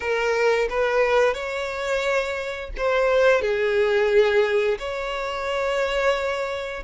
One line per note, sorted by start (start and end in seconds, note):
0.00 0.68 A#4
0.69 1.34 B4
1.34 2.70 C#5
2.77 3.41 C5
3.41 4.78 G#4
4.79 6.83 C#5